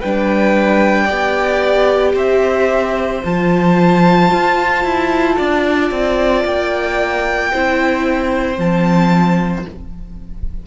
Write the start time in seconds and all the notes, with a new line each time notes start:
0.00 G3 D4 B4 G5
1.04 B3 G4 D5
2.13 C4 C5 E5
3.23 F3 F4 A5
4.31 F4
4.83 E4
5.37 D4 D5
5.91 C4
6.44 A#3 G5
7.52 C4 E4 C5
8.57 F3 C4 A5